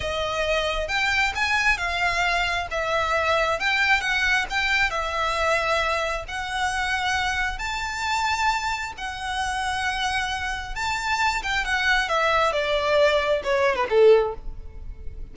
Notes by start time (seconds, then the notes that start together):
0.00 D#5
0.88 G5
1.35 G#5
1.77 F5
2.70 E5
3.59 G5
4.01 F#5
4.50 G5
4.90 E5
6.27 F#5
7.58 A5
8.97 F#5
10.75 A5
11.42 G5
11.65 F#5
12.09 E5
12.52 D5
13.43 C#5
13.75 B4
13.89 A4